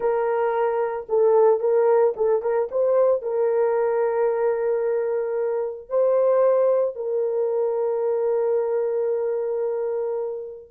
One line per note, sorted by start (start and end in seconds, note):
0.00 1.06 A#4
1.08 1.59 A4
1.59 2.13 A#4
2.16 2.42 A4
2.42 2.68 A#4
2.71 3.22 C5
3.22 5.89 A#4
5.89 6.95 C5
6.95 10.70 A#4